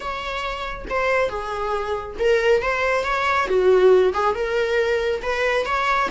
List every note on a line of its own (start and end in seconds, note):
0.00 0.85 C#5
0.89 1.29 C5
1.29 2.16 G#4
2.19 2.62 A#4
2.62 3.04 C5
3.04 3.47 C#5
3.47 4.13 F#4
4.13 4.34 G#4
4.34 5.21 A#4
5.22 5.65 B4
5.65 6.09 C#5